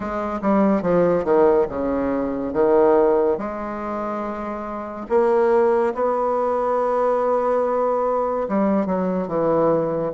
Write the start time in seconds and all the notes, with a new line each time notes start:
0.00 G#3
0.41 G3
0.82 F3
1.24 D#3
1.68 C#3
2.53 D#3
3.38 G#3
5.09 A#3
5.94 B3
8.48 G3
8.86 F#3
9.27 E3